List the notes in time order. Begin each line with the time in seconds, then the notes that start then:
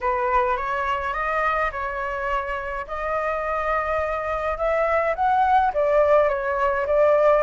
0.01 B4
0.56 C#5
1.13 D#5
1.71 C#5
2.87 D#5
4.57 E5
5.15 F#5
5.73 D5
6.28 C#5
6.86 D5